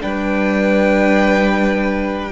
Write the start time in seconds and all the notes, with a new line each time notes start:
0.00 G3 D4 B4 G5